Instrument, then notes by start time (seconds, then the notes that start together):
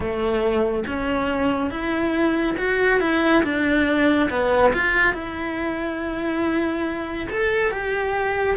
cello
0.00 A3
0.87 C#4
1.70 E4
2.57 F#4
3.00 E4
3.43 D4
4.30 B3
4.73 F4
5.13 E4
7.30 A4
7.71 G4